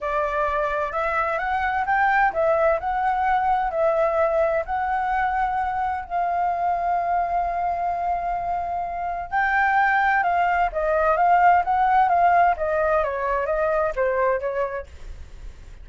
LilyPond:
\new Staff \with { instrumentName = "flute" } { \time 4/4 \tempo 4 = 129 d''2 e''4 fis''4 | g''4 e''4 fis''2 | e''2 fis''2~ | fis''4 f''2.~ |
f''1 | g''2 f''4 dis''4 | f''4 fis''4 f''4 dis''4 | cis''4 dis''4 c''4 cis''4 | }